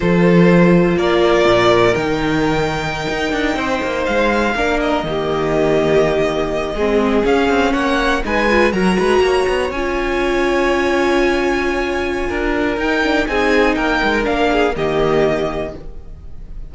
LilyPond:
<<
  \new Staff \with { instrumentName = "violin" } { \time 4/4 \tempo 4 = 122 c''2 d''2 | g''1~ | g''16 f''4. dis''2~ dis''16~ | dis''2~ dis''8. f''4 fis''16~ |
fis''8. gis''4 ais''2 gis''16~ | gis''1~ | gis''2 g''4 gis''4 | g''4 f''4 dis''2 | }
  \new Staff \with { instrumentName = "violin" } { \time 4/4 a'2 ais'2~ | ais'2.~ ais'16 c''8.~ | c''4~ c''16 ais'4 g'4.~ g'16~ | g'4.~ g'16 gis'2 cis''16~ |
cis''8. b'4 ais'8 b'8 cis''4~ cis''16~ | cis''1~ | cis''4 ais'2 gis'4 | ais'4. gis'8 g'2 | }
  \new Staff \with { instrumentName = "viola" } { \time 4/4 f'1 | dis'1~ | dis'4~ dis'16 d'4 ais4.~ ais16~ | ais4.~ ais16 c'4 cis'4~ cis'16~ |
cis'8. dis'8 f'8 fis'2 f'16~ | f'1~ | f'2 dis'8 d'8 dis'4~ | dis'4 d'4 ais2 | }
  \new Staff \with { instrumentName = "cello" } { \time 4/4 f2 ais4 ais,4 | dis2~ dis16 dis'8 d'8 c'8 ais16~ | ais16 gis4 ais4 dis4.~ dis16~ | dis4.~ dis16 gis4 cis'8 c'8 ais16~ |
ais8. gis4 fis8 gis8 ais8 b8 cis'16~ | cis'1~ | cis'4 d'4 dis'4 c'4 | ais8 gis8 ais4 dis2 | }
>>